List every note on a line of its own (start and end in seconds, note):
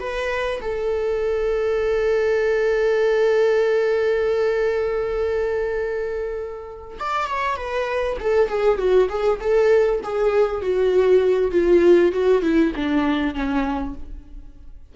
0.00 0.61 B4
0.62 6.98 A4
7.00 7.27 D5
7.27 7.57 C#5
7.57 8.17 B4
8.20 8.49 A4
8.49 8.78 G#4
8.78 9.09 F#4
9.09 9.40 G#4
9.40 10.01 A4
10.04 10.62 G#4
10.62 11.52 F#4
11.52 12.12 F4
12.12 12.42 F#4
12.42 12.72 E4
12.76 13.34 D4
13.34 13.95 C#4